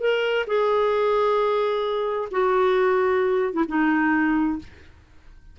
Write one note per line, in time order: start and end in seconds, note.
0.00 0.45 A#4
0.47 2.29 G#4
2.31 3.53 F#4
3.53 3.64 E4
3.68 4.59 D#4